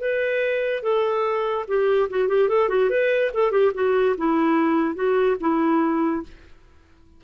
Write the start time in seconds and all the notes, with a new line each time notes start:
0.00 B4
0.82 A4
1.67 G4
2.10 F#4
2.28 G4
2.48 A4
2.69 F#4
2.89 B4
3.34 A4
3.51 G4
3.74 F#4
4.17 E4
4.94 F#4
5.40 E4